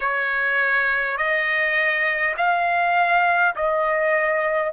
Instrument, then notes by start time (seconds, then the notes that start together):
trumpet
0.00 C#5
1.17 D#5
2.37 F5
3.55 D#5